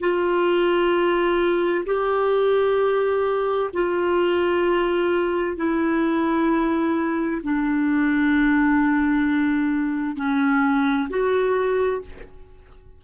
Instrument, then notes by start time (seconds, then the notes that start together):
clarinet
0.00 F4
1.85 G4
3.73 F4
5.56 E4
7.43 D4
10.16 C#4
11.09 F#4